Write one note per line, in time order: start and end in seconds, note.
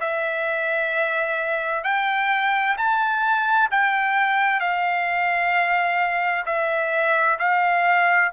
0.00 1.84 E5
1.84 2.76 G5
2.77 3.69 A5
3.70 4.60 G5
4.60 6.44 F5
6.45 7.38 E5
7.38 8.31 F5